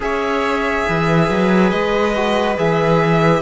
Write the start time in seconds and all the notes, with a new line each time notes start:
0.00 C#4 G#4 C#5 E5
0.87 E3 B4
1.29 F#3
1.69 G#3 D#5
2.15 F#4
2.57 E3 G#4 E5